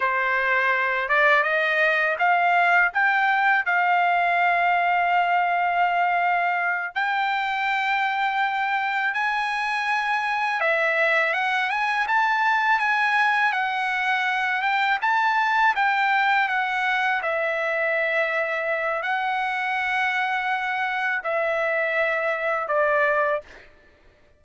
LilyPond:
\new Staff \with { instrumentName = "trumpet" } { \time 4/4 \tempo 4 = 82 c''4. d''8 dis''4 f''4 | g''4 f''2.~ | f''4. g''2~ g''8~ | g''8 gis''2 e''4 fis''8 |
gis''8 a''4 gis''4 fis''4. | g''8 a''4 g''4 fis''4 e''8~ | e''2 fis''2~ | fis''4 e''2 d''4 | }